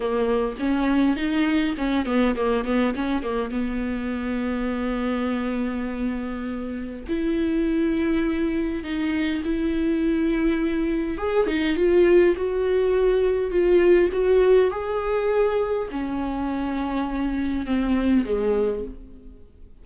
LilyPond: \new Staff \with { instrumentName = "viola" } { \time 4/4 \tempo 4 = 102 ais4 cis'4 dis'4 cis'8 b8 | ais8 b8 cis'8 ais8 b2~ | b1 | e'2. dis'4 |
e'2. gis'8 dis'8 | f'4 fis'2 f'4 | fis'4 gis'2 cis'4~ | cis'2 c'4 gis4 | }